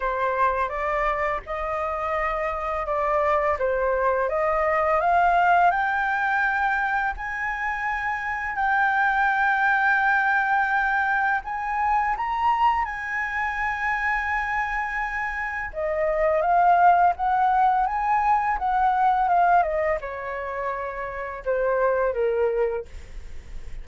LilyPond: \new Staff \with { instrumentName = "flute" } { \time 4/4 \tempo 4 = 84 c''4 d''4 dis''2 | d''4 c''4 dis''4 f''4 | g''2 gis''2 | g''1 |
gis''4 ais''4 gis''2~ | gis''2 dis''4 f''4 | fis''4 gis''4 fis''4 f''8 dis''8 | cis''2 c''4 ais'4 | }